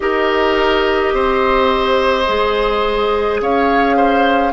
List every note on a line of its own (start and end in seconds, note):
0.00 1.13 D#4
0.00 2.24 G4
0.00 1.14 A#4
0.00 3.38 D#5
1.13 2.26 C4
1.13 3.41 C5
2.26 3.41 G#3
2.26 4.53 G#4
3.41 4.53 C#4
3.41 3.96 C#5
3.41 4.53 F5
3.96 4.53 C5